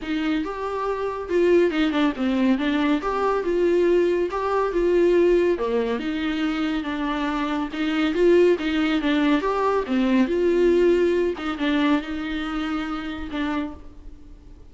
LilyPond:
\new Staff \with { instrumentName = "viola" } { \time 4/4 \tempo 4 = 140 dis'4 g'2 f'4 | dis'8 d'8 c'4 d'4 g'4 | f'2 g'4 f'4~ | f'4 ais4 dis'2 |
d'2 dis'4 f'4 | dis'4 d'4 g'4 c'4 | f'2~ f'8 dis'8 d'4 | dis'2. d'4 | }